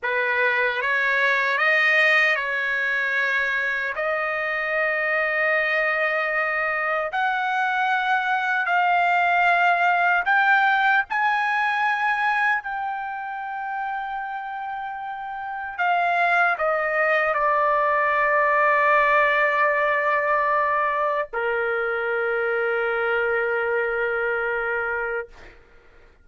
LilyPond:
\new Staff \with { instrumentName = "trumpet" } { \time 4/4 \tempo 4 = 76 b'4 cis''4 dis''4 cis''4~ | cis''4 dis''2.~ | dis''4 fis''2 f''4~ | f''4 g''4 gis''2 |
g''1 | f''4 dis''4 d''2~ | d''2. ais'4~ | ais'1 | }